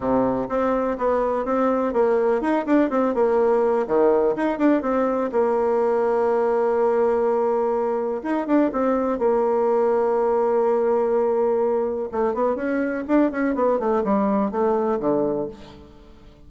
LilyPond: \new Staff \with { instrumentName = "bassoon" } { \time 4/4 \tempo 4 = 124 c4 c'4 b4 c'4 | ais4 dis'8 d'8 c'8 ais4. | dis4 dis'8 d'8 c'4 ais4~ | ais1~ |
ais4 dis'8 d'8 c'4 ais4~ | ais1~ | ais4 a8 b8 cis'4 d'8 cis'8 | b8 a8 g4 a4 d4 | }